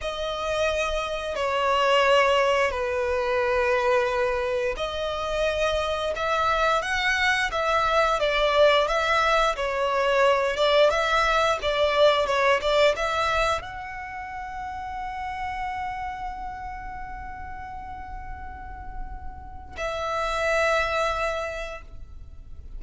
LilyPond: \new Staff \with { instrumentName = "violin" } { \time 4/4 \tempo 4 = 88 dis''2 cis''2 | b'2. dis''4~ | dis''4 e''4 fis''4 e''4 | d''4 e''4 cis''4. d''8 |
e''4 d''4 cis''8 d''8 e''4 | fis''1~ | fis''1~ | fis''4 e''2. | }